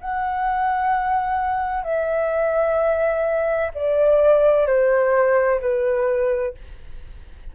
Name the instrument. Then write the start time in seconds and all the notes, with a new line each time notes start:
flute
0.00 F#5
1.83 E5
3.74 D5
4.67 C5
5.60 B4